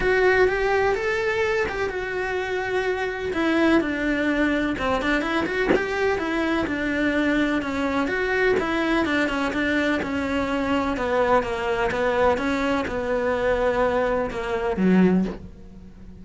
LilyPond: \new Staff \with { instrumentName = "cello" } { \time 4/4 \tempo 4 = 126 fis'4 g'4 a'4. g'8 | fis'2. e'4 | d'2 c'8 d'8 e'8 fis'8 | g'4 e'4 d'2 |
cis'4 fis'4 e'4 d'8 cis'8 | d'4 cis'2 b4 | ais4 b4 cis'4 b4~ | b2 ais4 fis4 | }